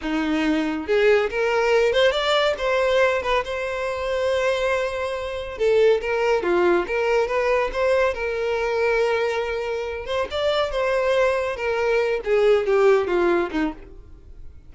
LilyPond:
\new Staff \with { instrumentName = "violin" } { \time 4/4 \tempo 4 = 140 dis'2 gis'4 ais'4~ | ais'8 c''8 d''4 c''4. b'8 | c''1~ | c''4 a'4 ais'4 f'4 |
ais'4 b'4 c''4 ais'4~ | ais'2.~ ais'8 c''8 | d''4 c''2 ais'4~ | ais'8 gis'4 g'4 f'4 dis'8 | }